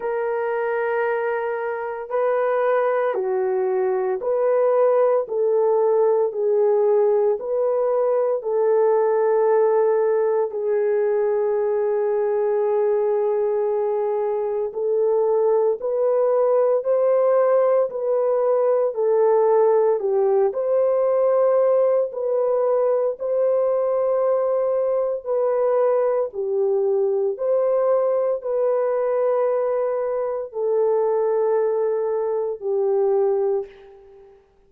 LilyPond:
\new Staff \with { instrumentName = "horn" } { \time 4/4 \tempo 4 = 57 ais'2 b'4 fis'4 | b'4 a'4 gis'4 b'4 | a'2 gis'2~ | gis'2 a'4 b'4 |
c''4 b'4 a'4 g'8 c''8~ | c''4 b'4 c''2 | b'4 g'4 c''4 b'4~ | b'4 a'2 g'4 | }